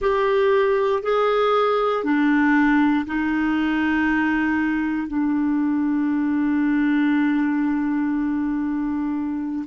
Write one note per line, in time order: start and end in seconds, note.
0.00 1.02 G4
1.02 2.03 G#4
2.03 3.05 D4
3.06 5.07 D#4
5.07 9.65 D4